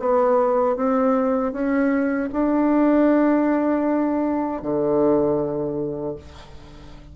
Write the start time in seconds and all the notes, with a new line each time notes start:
0.00 B3
0.77 C4
1.53 C#4
2.33 D4
4.63 D3